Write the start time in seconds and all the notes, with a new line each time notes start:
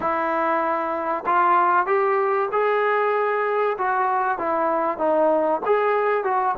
0.00 E4
1.26 F4
1.86 G4
2.52 G#4
3.78 F#4
4.38 E4
4.98 D#4
5.65 G#4
6.23 F#4